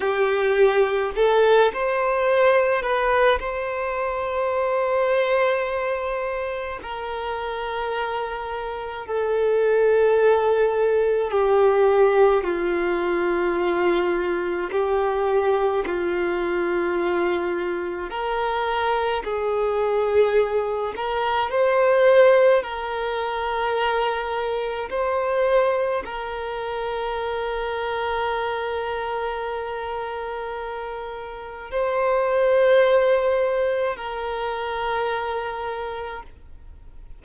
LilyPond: \new Staff \with { instrumentName = "violin" } { \time 4/4 \tempo 4 = 53 g'4 a'8 c''4 b'8 c''4~ | c''2 ais'2 | a'2 g'4 f'4~ | f'4 g'4 f'2 |
ais'4 gis'4. ais'8 c''4 | ais'2 c''4 ais'4~ | ais'1 | c''2 ais'2 | }